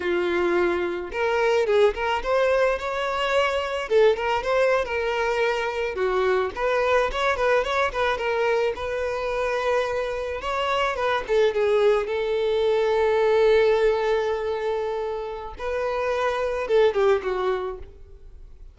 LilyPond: \new Staff \with { instrumentName = "violin" } { \time 4/4 \tempo 4 = 108 f'2 ais'4 gis'8 ais'8 | c''4 cis''2 a'8 ais'8 | c''8. ais'2 fis'4 b'16~ | b'8. cis''8 b'8 cis''8 b'8 ais'4 b'16~ |
b'2~ b'8. cis''4 b'16~ | b'16 a'8 gis'4 a'2~ a'16~ | a'1 | b'2 a'8 g'8 fis'4 | }